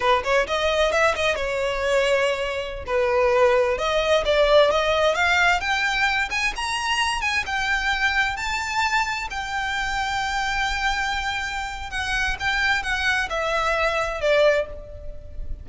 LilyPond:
\new Staff \with { instrumentName = "violin" } { \time 4/4 \tempo 4 = 131 b'8 cis''8 dis''4 e''8 dis''8 cis''4~ | cis''2~ cis''16 b'4.~ b'16~ | b'16 dis''4 d''4 dis''4 f''8.~ | f''16 g''4. gis''8 ais''4. gis''16~ |
gis''16 g''2 a''4.~ a''16~ | a''16 g''2.~ g''8.~ | g''2 fis''4 g''4 | fis''4 e''2 d''4 | }